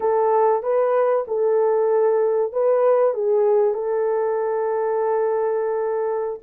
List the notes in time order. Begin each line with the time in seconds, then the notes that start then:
0.00 A4
0.62 B4
1.27 A4
2.52 B4
3.14 G#4
3.73 A4